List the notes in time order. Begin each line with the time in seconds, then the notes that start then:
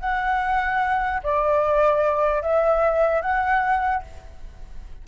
0.00 F#5
1.23 D5
2.42 E5
3.22 F#5